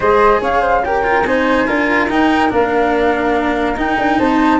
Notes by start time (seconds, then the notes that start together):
0.00 G#3 G#4 C5 D#5
0.40 C#4 C#5 F5
0.60 C5
0.84 G4 A#4 G5
1.03 F4
1.23 C4 D#4 C5 G#5
1.67 D4 F4 A#4
2.09 D#4 G5
2.49 A#3 D4 F5
3.76 D#4 G5
3.97 D4
4.18 C4 C5 A5